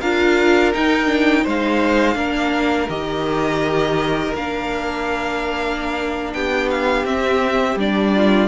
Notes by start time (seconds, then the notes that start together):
0.00 D4 F4 A#4 F5
0.73 D#4 G5
1.06 D4
1.44 G#3 D#4 C5 F5
2.15 A#3 D4 A#4
2.89 D#3 G4 D#5
4.34 A#3 D4 F5
6.33 B3 G4 G5
6.70 F5
7.04 C4 E5
7.76 G3 D4 D5
8.15 F4